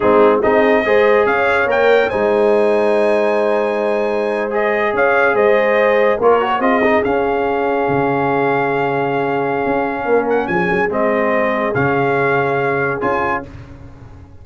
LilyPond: <<
  \new Staff \with { instrumentName = "trumpet" } { \time 4/4 \tempo 4 = 143 gis'4 dis''2 f''4 | g''4 gis''2.~ | gis''2~ gis''8. dis''4 f''16~ | f''8. dis''2 cis''4 dis''16~ |
dis''8. f''2.~ f''16~ | f''1~ | f''8 fis''8 gis''4 dis''2 | f''2. gis''4 | }
  \new Staff \with { instrumentName = "horn" } { \time 4/4 dis'4 gis'4 c''4 cis''4~ | cis''4 c''2.~ | c''2.~ c''8. cis''16~ | cis''8. c''2 ais'4 gis'16~ |
gis'1~ | gis'1 | ais'4 gis'2.~ | gis'1 | }
  \new Staff \with { instrumentName = "trombone" } { \time 4/4 c'4 dis'4 gis'2 | ais'4 dis'2.~ | dis'2~ dis'8. gis'4~ gis'16~ | gis'2~ gis'8. f'8 fis'8 f'16~ |
f'16 dis'8 cis'2.~ cis'16~ | cis'1~ | cis'2 c'2 | cis'2. f'4 | }
  \new Staff \with { instrumentName = "tuba" } { \time 4/4 gis4 c'4 gis4 cis'4 | ais4 gis2.~ | gis2.~ gis8. cis'16~ | cis'8. gis2 ais4 c'16~ |
c'8. cis'2 cis4~ cis16~ | cis2. cis'4 | ais4 f8 fis8 gis2 | cis2. cis'4 | }
>>